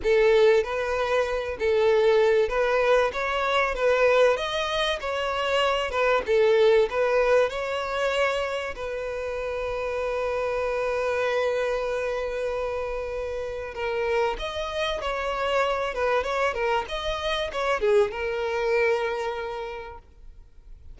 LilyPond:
\new Staff \with { instrumentName = "violin" } { \time 4/4 \tempo 4 = 96 a'4 b'4. a'4. | b'4 cis''4 b'4 dis''4 | cis''4. b'8 a'4 b'4 | cis''2 b'2~ |
b'1~ | b'2 ais'4 dis''4 | cis''4. b'8 cis''8 ais'8 dis''4 | cis''8 gis'8 ais'2. | }